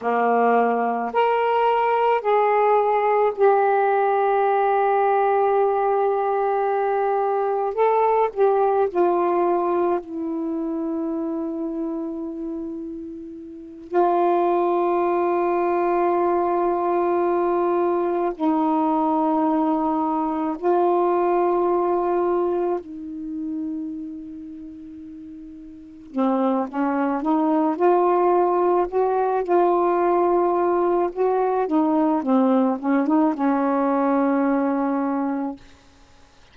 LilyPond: \new Staff \with { instrumentName = "saxophone" } { \time 4/4 \tempo 4 = 54 ais4 ais'4 gis'4 g'4~ | g'2. a'8 g'8 | f'4 e'2.~ | e'8 f'2.~ f'8~ |
f'8 dis'2 f'4.~ | f'8 dis'2. c'8 | cis'8 dis'8 f'4 fis'8 f'4. | fis'8 dis'8 c'8 cis'16 dis'16 cis'2 | }